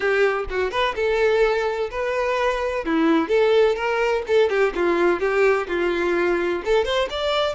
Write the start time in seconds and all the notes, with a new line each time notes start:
0.00 G4
0.49 F#4
0.71 B4
0.95 A4
1.90 B4
2.85 E4
3.28 A4
3.75 A#4
4.27 A4
4.49 G4
4.75 F4
5.20 G4
5.67 F4
6.64 A4
6.85 C5
7.10 D5